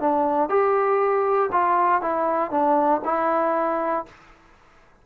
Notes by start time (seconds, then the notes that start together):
0.00 D4
0.49 G4
1.52 F4
2.02 E4
2.51 D4
3.05 E4